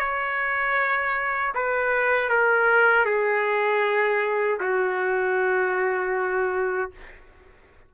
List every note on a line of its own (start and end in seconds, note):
0.00 1.54 C#5
1.55 2.30 B4
2.30 3.06 A#4
3.06 4.60 G#4
4.61 6.92 F#4